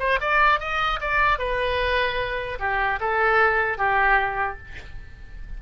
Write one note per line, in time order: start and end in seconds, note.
0.00 0.20 C5
0.21 0.60 D5
0.60 1.00 D#5
1.01 1.39 D5
1.39 2.59 B4
2.60 3.00 G4
3.01 3.78 A4
3.78 4.58 G4